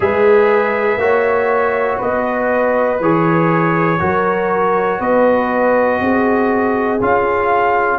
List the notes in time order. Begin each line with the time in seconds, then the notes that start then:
0.00 G#3 G#4 B4 E5
0.97 A#3 F#4 C#5
1.98 B3 B4 D#5
3.00 E3 G#4 C#5
3.99 F#3 F#4 A#4
4.99 B3 B4 D#5
6.00 C4 G#4
7.00 C#4 F4 F5